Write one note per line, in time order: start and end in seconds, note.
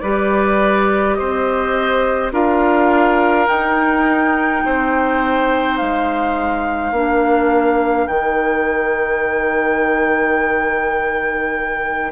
0.00 1.18 G3
0.00 2.32 G4
0.00 1.17 B4
0.00 1.15 D5
1.15 2.32 C4
1.15 2.33 C5
1.15 2.30 D#5
2.32 3.47 D4
2.32 3.47 F4
2.32 4.63 A#4
2.32 3.47 F5
3.47 6.93 D#4
3.47 4.63 D#4
3.47 5.77 G5
4.65 5.80 C4
4.65 6.94 C5
5.77 6.91 G#3
5.77 8.07 F5
6.91 8.07 A#3
6.91 8.09 D4
6.91 12.12 A#4
8.07 12.11 D#3
8.07 12.12 D#4
8.07 12.11 G5